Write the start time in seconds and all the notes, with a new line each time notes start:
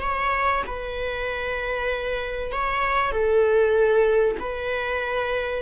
0.00 C#5
0.66 B4
2.52 C#5
3.11 A4
4.39 B4